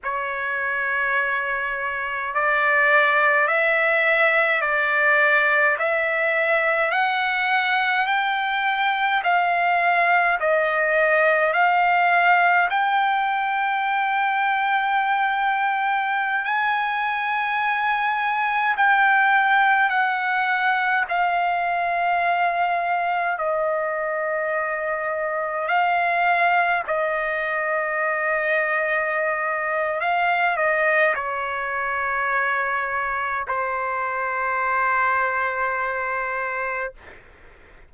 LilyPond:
\new Staff \with { instrumentName = "trumpet" } { \time 4/4 \tempo 4 = 52 cis''2 d''4 e''4 | d''4 e''4 fis''4 g''4 | f''4 dis''4 f''4 g''4~ | g''2~ g''16 gis''4.~ gis''16~ |
gis''16 g''4 fis''4 f''4.~ f''16~ | f''16 dis''2 f''4 dis''8.~ | dis''2 f''8 dis''8 cis''4~ | cis''4 c''2. | }